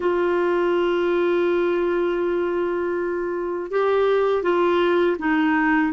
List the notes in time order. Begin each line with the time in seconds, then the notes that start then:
0.00 F4
3.70 G4
4.42 F4
5.18 D#4